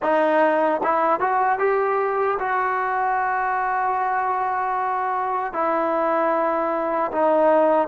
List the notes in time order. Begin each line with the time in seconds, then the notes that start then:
0.02 D#4
0.83 E4
1.20 F#4
1.59 G4
2.39 F#4
5.53 E4
7.11 D#4